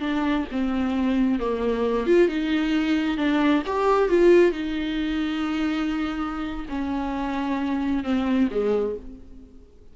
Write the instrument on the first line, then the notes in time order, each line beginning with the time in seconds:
viola
0.00 D4
0.52 C4
1.40 A#3
2.07 F4
2.29 D#4
3.18 D4
3.67 G4
4.09 F4
4.52 D#4
6.69 C#4
8.04 C4
8.51 G#3